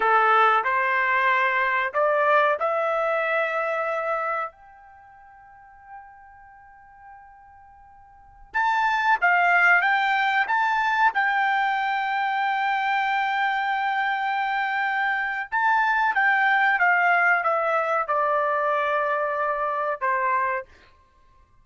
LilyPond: \new Staff \with { instrumentName = "trumpet" } { \time 4/4 \tempo 4 = 93 a'4 c''2 d''4 | e''2. g''4~ | g''1~ | g''4~ g''16 a''4 f''4 g''8.~ |
g''16 a''4 g''2~ g''8.~ | g''1 | a''4 g''4 f''4 e''4 | d''2. c''4 | }